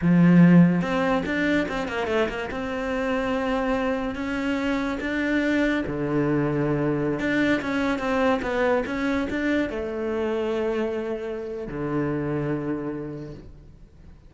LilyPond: \new Staff \with { instrumentName = "cello" } { \time 4/4 \tempo 4 = 144 f2 c'4 d'4 | c'8 ais8 a8 ais8 c'2~ | c'2 cis'2 | d'2 d2~ |
d4~ d16 d'4 cis'4 c'8.~ | c'16 b4 cis'4 d'4 a8.~ | a1 | d1 | }